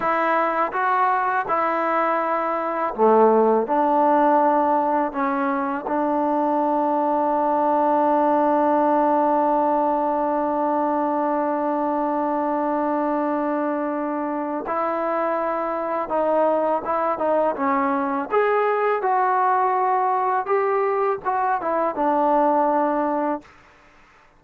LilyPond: \new Staff \with { instrumentName = "trombone" } { \time 4/4 \tempo 4 = 82 e'4 fis'4 e'2 | a4 d'2 cis'4 | d'1~ | d'1~ |
d'1 | e'2 dis'4 e'8 dis'8 | cis'4 gis'4 fis'2 | g'4 fis'8 e'8 d'2 | }